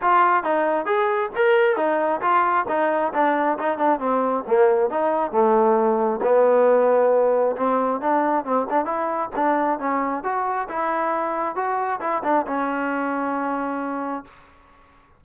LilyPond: \new Staff \with { instrumentName = "trombone" } { \time 4/4 \tempo 4 = 135 f'4 dis'4 gis'4 ais'4 | dis'4 f'4 dis'4 d'4 | dis'8 d'8 c'4 ais4 dis'4 | a2 b2~ |
b4 c'4 d'4 c'8 d'8 | e'4 d'4 cis'4 fis'4 | e'2 fis'4 e'8 d'8 | cis'1 | }